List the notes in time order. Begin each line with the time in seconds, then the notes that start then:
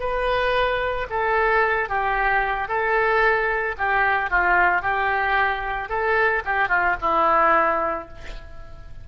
0.00 B4
1.10 A4
1.89 G4
2.68 A4
3.78 G4
4.30 F4
4.82 G4
5.89 A4
6.45 G4
6.69 F4
7.01 E4